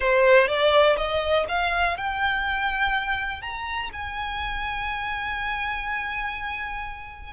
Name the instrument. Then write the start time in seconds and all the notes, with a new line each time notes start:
violin
0.00 C5
0.47 D5
0.97 D#5
1.48 F5
1.97 G5
3.41 A#5
3.93 G#5